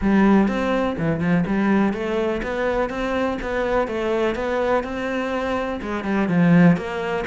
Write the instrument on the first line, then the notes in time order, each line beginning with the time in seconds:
cello
0.01 G3
0.48 C4
0.98 E3
1.20 F3
1.46 G3
1.93 A3
2.42 B3
2.89 C4
3.41 B3
3.87 A3
4.35 B3
4.83 C4
5.81 G#3
6.04 G3
6.28 F3
6.76 A#3